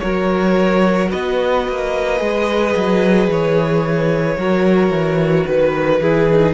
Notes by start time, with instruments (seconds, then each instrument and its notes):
0.00 cello F#3, viola F#4, violin A#4 C#5
1.11 cello B3, violin B4 D#5
1.68 cello A#3
2.18 cello G#3, viola G#4
2.76 cello F#3
3.28 cello E3, violin C#5
4.38 cello F#3, viola F#4, violin A#4
4.90 cello E3
5.46 cello D#3, violin B4
6.01 cello E3, viola E4, violin G#4
6.32 viola D#4